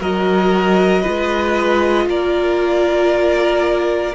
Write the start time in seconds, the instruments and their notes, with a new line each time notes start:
0.00 cello F#3, viola F#4, violin A#4 D#5
1.02 cello G#3, viola F4, violin B4
2.06 cello A#3, violin A#4 D5